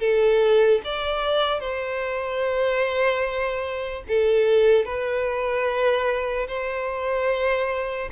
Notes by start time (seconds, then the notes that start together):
0.00 A4
0.84 D5
1.60 C5
4.08 A4
4.85 B4
6.48 C5